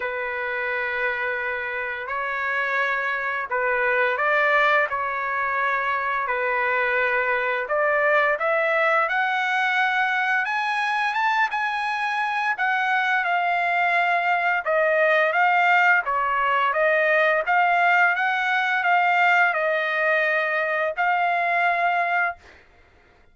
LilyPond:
\new Staff \with { instrumentName = "trumpet" } { \time 4/4 \tempo 4 = 86 b'2. cis''4~ | cis''4 b'4 d''4 cis''4~ | cis''4 b'2 d''4 | e''4 fis''2 gis''4 |
a''8 gis''4. fis''4 f''4~ | f''4 dis''4 f''4 cis''4 | dis''4 f''4 fis''4 f''4 | dis''2 f''2 | }